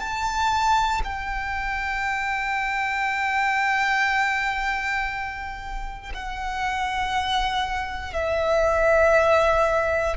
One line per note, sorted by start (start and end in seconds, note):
0.00 1.02 A5
1.04 6.12 G5
6.14 8.14 F#5
8.14 10.17 E5